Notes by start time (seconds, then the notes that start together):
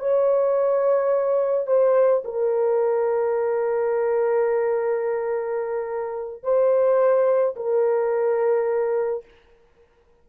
0.00 C#5
1.67 C5
2.25 A#4
6.44 C5
7.56 A#4